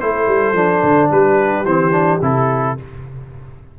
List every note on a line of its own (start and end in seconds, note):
0.00 0.28 A3
0.00 0.55 E4
0.00 1.11 A4
0.00 1.10 C5
0.28 0.53 G3
0.53 0.81 F3
0.53 1.65 D4
0.83 1.11 D3
1.11 1.65 G3
1.11 2.77 G4
1.11 1.65 B4
1.65 2.20 E3
1.65 1.92 C4
1.65 2.21 C5
1.92 2.19 D4
2.21 2.76 C3
2.21 2.77 E4
2.21 2.79 A4